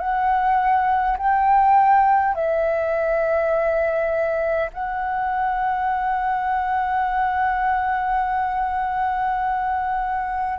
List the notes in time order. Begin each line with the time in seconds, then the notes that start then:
0.00 F#5
1.18 G5
2.35 E5
4.73 F#5